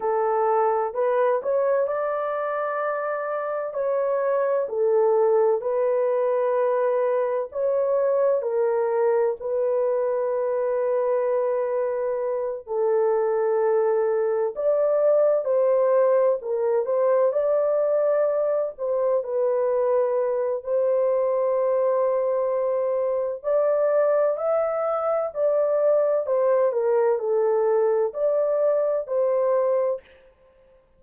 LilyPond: \new Staff \with { instrumentName = "horn" } { \time 4/4 \tempo 4 = 64 a'4 b'8 cis''8 d''2 | cis''4 a'4 b'2 | cis''4 ais'4 b'2~ | b'4. a'2 d''8~ |
d''8 c''4 ais'8 c''8 d''4. | c''8 b'4. c''2~ | c''4 d''4 e''4 d''4 | c''8 ais'8 a'4 d''4 c''4 | }